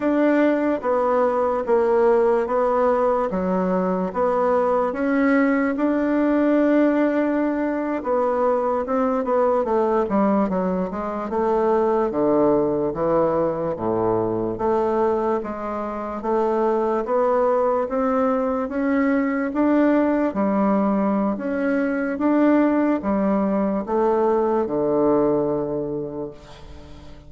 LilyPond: \new Staff \with { instrumentName = "bassoon" } { \time 4/4 \tempo 4 = 73 d'4 b4 ais4 b4 | fis4 b4 cis'4 d'4~ | d'4.~ d'16 b4 c'8 b8 a16~ | a16 g8 fis8 gis8 a4 d4 e16~ |
e8. a,4 a4 gis4 a16~ | a8. b4 c'4 cis'4 d'16~ | d'8. g4~ g16 cis'4 d'4 | g4 a4 d2 | }